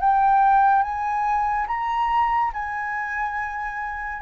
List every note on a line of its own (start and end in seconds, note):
0.00 0.82 G5
0.82 1.66 G#5
1.67 2.52 A#5
2.53 4.22 G#5